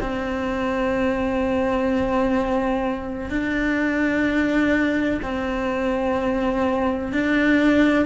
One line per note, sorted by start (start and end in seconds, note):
0.00 3.29 C4
3.29 5.20 D4
5.22 7.12 C4
7.12 8.05 D4